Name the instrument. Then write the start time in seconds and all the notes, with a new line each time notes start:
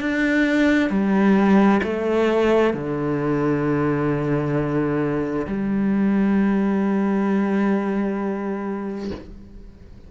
cello
0.00 D4
0.90 G3
1.83 A3
2.73 D3
5.47 G3